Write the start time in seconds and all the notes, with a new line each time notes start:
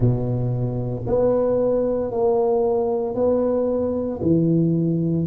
0.00 B2
1.07 B3
2.11 A#3
3.14 B3
4.22 E3